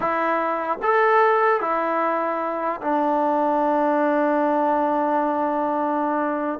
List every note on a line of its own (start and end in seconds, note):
0.00 0.79 E4
0.82 1.61 A4
1.61 2.81 E4
2.81 6.59 D4